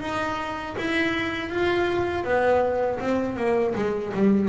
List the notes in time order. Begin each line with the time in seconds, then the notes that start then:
0.00 D#4
0.78 E4
1.49 F4
2.24 B3
2.99 C4
3.36 A#3
3.75 G#3
4.13 G3